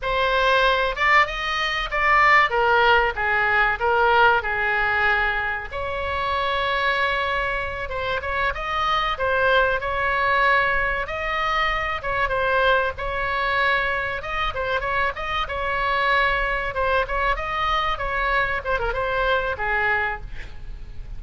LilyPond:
\new Staff \with { instrumentName = "oboe" } { \time 4/4 \tempo 4 = 95 c''4. d''8 dis''4 d''4 | ais'4 gis'4 ais'4 gis'4~ | gis'4 cis''2.~ | cis''8 c''8 cis''8 dis''4 c''4 cis''8~ |
cis''4. dis''4. cis''8 c''8~ | c''8 cis''2 dis''8 c''8 cis''8 | dis''8 cis''2 c''8 cis''8 dis''8~ | dis''8 cis''4 c''16 ais'16 c''4 gis'4 | }